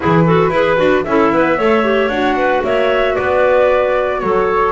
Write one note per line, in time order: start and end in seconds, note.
0.00 0.50 E3
0.00 0.25 E4
0.00 0.25 G#4
0.00 1.04 B4
0.25 0.52 F#4
0.25 0.51 A4
0.50 0.76 E4
0.50 0.76 G#4
0.50 1.04 B4
0.76 1.05 D4
0.76 1.03 F#4
1.04 1.32 C#4
1.04 1.58 E4
1.04 1.33 A4
1.04 2.08 E5
1.32 1.58 B3
1.32 1.58 B4
1.58 2.08 A3
1.58 1.84 A4
1.58 2.36 C#5
1.84 2.10 G4
2.08 2.61 D4
2.08 4.72 F#4
2.08 2.61 F#5
2.36 2.63 B4
2.63 3.16 A#3
2.63 3.15 C#5
2.63 3.15 E5
3.15 4.22 B3
3.15 4.20 B4
3.15 4.20 D5
4.20 4.72 F#3
4.20 4.72 A4
4.20 4.72 C#5